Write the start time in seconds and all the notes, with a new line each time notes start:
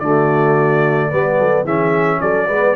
0.00 D3 A3 F#4 D5
1.10 G3 B3 B4
1.39 F#3 A4
1.64 E3 C#4 G#4 E5
2.21 F#3 A4 D5
2.47 G#3 B3 B4